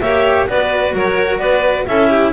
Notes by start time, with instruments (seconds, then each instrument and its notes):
0.00 double bass A#3, cello G4, violin C#5, clarinet E5
0.47 double bass B3, cello F#4, violin B4, clarinet D5
0.93 double bass F#3, violin A#4, clarinet C#5
1.38 double bass B3, violin B4, clarinet D5
1.86 double bass C#4, cello E4, violin A4, clarinet E5
2.09 violin G4